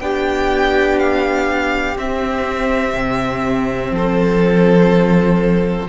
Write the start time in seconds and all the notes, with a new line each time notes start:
0.00 B3 D4 G4 G5
0.99 F5
1.96 C4 E5
2.93 C3
3.91 F3 A4 C5